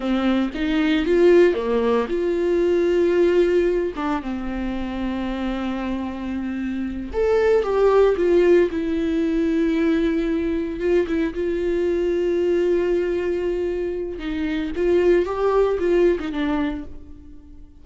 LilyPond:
\new Staff \with { instrumentName = "viola" } { \time 4/4 \tempo 4 = 114 c'4 dis'4 f'4 ais4 | f'2.~ f'8 d'8 | c'1~ | c'4. a'4 g'4 f'8~ |
f'8 e'2.~ e'8~ | e'8 f'8 e'8 f'2~ f'8~ | f'2. dis'4 | f'4 g'4 f'8. dis'16 d'4 | }